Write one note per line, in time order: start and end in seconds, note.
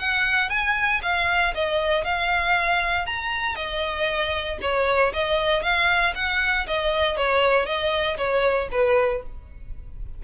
0.00 0.50 F#5
0.50 1.01 G#5
1.03 1.54 F5
1.55 2.05 D#5
2.05 3.07 F5
3.07 3.56 A#5
3.56 4.59 D#5
4.62 5.13 C#5
5.14 5.63 D#5
5.63 6.14 F5
6.16 6.67 F#5
6.67 7.18 D#5
7.18 7.66 C#5
7.66 8.17 D#5
8.18 8.69 C#5
8.72 9.23 B4